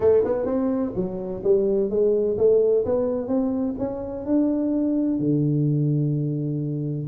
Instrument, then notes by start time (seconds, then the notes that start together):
tuba
0.00 A3
0.24 B3
0.45 C4
0.95 F#3
1.43 G3
1.89 G#3
2.37 A3
2.85 B3
3.27 C4
3.78 C#4
4.25 D4
5.19 D3